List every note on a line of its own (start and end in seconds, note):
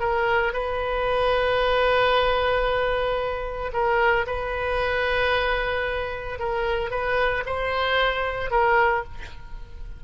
0.00 0.53 A#4
0.53 3.72 B4
3.73 4.26 A#4
4.27 6.39 B4
6.39 6.91 A#4
6.91 7.44 B4
7.46 8.51 C5
8.51 9.04 A#4